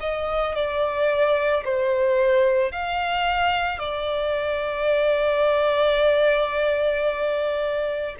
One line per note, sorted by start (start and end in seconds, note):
0.00 0.55 D#5
0.55 1.64 D5
1.64 2.72 C5
2.72 3.78 F5
3.78 8.15 D5